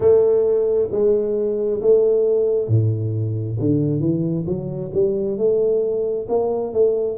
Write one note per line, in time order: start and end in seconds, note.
0.00 0.89 A3
0.91 1.81 G#3
1.81 2.68 A3
2.68 3.57 A2
3.59 4.00 D3
4.00 4.45 E3
4.46 4.91 F#3
4.93 5.37 G3
5.37 6.27 A3
6.28 6.73 A#3
6.73 7.18 A3